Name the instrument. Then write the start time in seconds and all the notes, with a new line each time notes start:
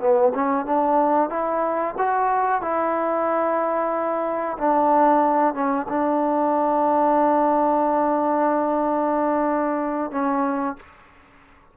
trombone
0.00 B3
0.35 C#4
0.66 D4
1.30 E4
1.98 F#4
2.62 E4
4.58 D4
5.54 C#4
5.89 D4
10.11 C#4